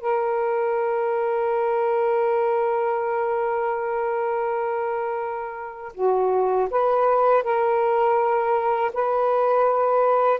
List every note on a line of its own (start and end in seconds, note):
0.00 5.93 A#4
5.94 6.68 F#4
6.70 7.43 B4
7.43 8.91 A#4
8.93 10.39 B4